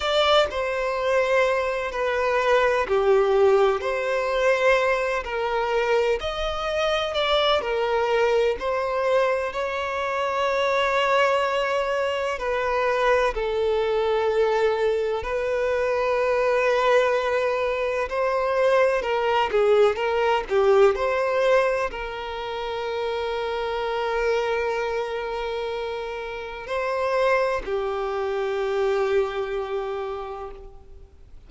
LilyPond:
\new Staff \with { instrumentName = "violin" } { \time 4/4 \tempo 4 = 63 d''8 c''4. b'4 g'4 | c''4. ais'4 dis''4 d''8 | ais'4 c''4 cis''2~ | cis''4 b'4 a'2 |
b'2. c''4 | ais'8 gis'8 ais'8 g'8 c''4 ais'4~ | ais'1 | c''4 g'2. | }